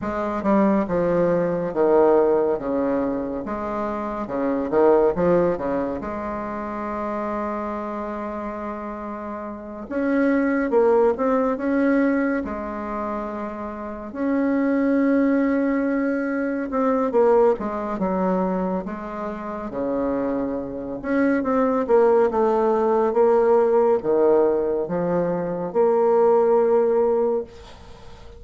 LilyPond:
\new Staff \with { instrumentName = "bassoon" } { \time 4/4 \tempo 4 = 70 gis8 g8 f4 dis4 cis4 | gis4 cis8 dis8 f8 cis8 gis4~ | gis2.~ gis8 cis'8~ | cis'8 ais8 c'8 cis'4 gis4.~ |
gis8 cis'2. c'8 | ais8 gis8 fis4 gis4 cis4~ | cis8 cis'8 c'8 ais8 a4 ais4 | dis4 f4 ais2 | }